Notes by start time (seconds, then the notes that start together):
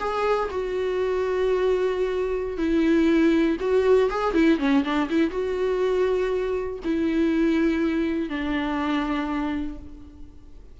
0.00 G#4
0.51 F#4
2.58 E4
3.61 F#4
4.10 G#4
4.34 E4
4.59 C#4
4.84 D4
5.10 E4
5.31 F#4
6.85 E4
8.30 D4